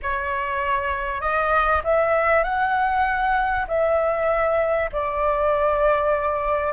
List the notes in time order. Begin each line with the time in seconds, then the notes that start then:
0.02 C#5
1.21 D#5
1.83 E5
2.43 F#5
3.67 E5
4.92 D5